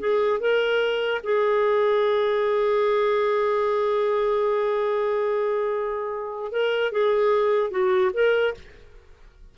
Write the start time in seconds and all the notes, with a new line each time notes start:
0.00 G#4
0.40 A#4
1.24 G#4
6.53 A#4
6.92 G#4
7.71 F#4
8.14 A#4